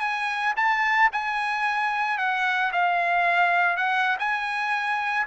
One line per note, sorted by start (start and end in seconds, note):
0.00 0.54 G#5
0.56 1.10 A5
1.12 2.18 G#5
2.18 2.72 F#5
2.72 3.77 F5
3.77 4.17 F#5
4.19 5.26 G#5